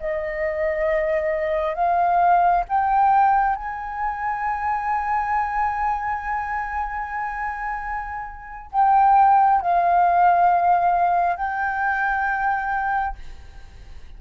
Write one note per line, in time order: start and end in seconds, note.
0.00 1.75 D#5
1.75 2.65 F5
2.69 3.56 G5
3.56 8.71 G#5
8.72 9.61 G5
9.61 11.36 F5
11.36 13.16 G5